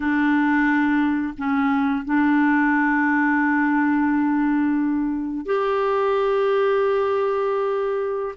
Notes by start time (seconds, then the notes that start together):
0.00 D4
1.37 C#4
2.05 D4
5.45 G4